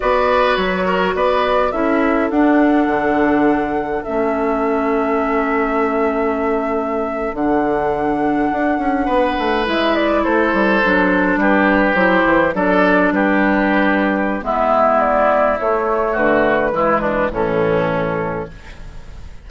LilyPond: <<
  \new Staff \with { instrumentName = "flute" } { \time 4/4 \tempo 4 = 104 d''4 cis''4 d''4 e''4 | fis''2. e''4~ | e''1~ | e''8. fis''2.~ fis''16~ |
fis''8. e''8 d''8 c''2 b'16~ | b'8. c''4 d''4 b'4~ b'16~ | b'4 e''4 d''4 cis''4 | b'2 a'2 | }
  \new Staff \with { instrumentName = "oboe" } { \time 4/4 b'4. ais'8 b'4 a'4~ | a'1~ | a'1~ | a'2.~ a'8. b'16~ |
b'4.~ b'16 a'2 g'16~ | g'4.~ g'16 a'4 g'4~ g'16~ | g'4 e'2. | fis'4 e'8 d'8 cis'2 | }
  \new Staff \with { instrumentName = "clarinet" } { \time 4/4 fis'2. e'4 | d'2. cis'4~ | cis'1~ | cis'8. d'2.~ d'16~ |
d'8. e'2 d'4~ d'16~ | d'8. e'4 d'2~ d'16~ | d'4 b2 a4~ | a4 gis4 e2 | }
  \new Staff \with { instrumentName = "bassoon" } { \time 4/4 b4 fis4 b4 cis'4 | d'4 d2 a4~ | a1~ | a8. d2 d'8 cis'8 b16~ |
b16 a8 gis4 a8 g8 fis4 g16~ | g8. fis8 e8 fis4 g4~ g16~ | g4 gis2 a4 | d4 e4 a,2 | }
>>